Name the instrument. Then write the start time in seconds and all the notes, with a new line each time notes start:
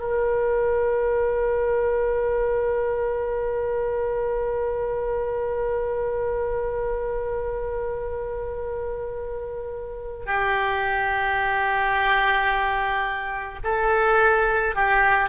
oboe
0.00 A#4
10.26 G4
13.64 A4
14.75 G4